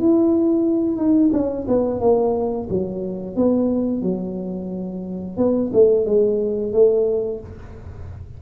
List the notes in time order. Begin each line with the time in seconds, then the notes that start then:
0.00 E4
0.97 D#4
1.33 C#4
1.68 B3
2.01 A#3
2.69 F#3
3.36 B3
4.03 F#3
5.37 B3
5.73 A3
6.06 G#3
6.73 A3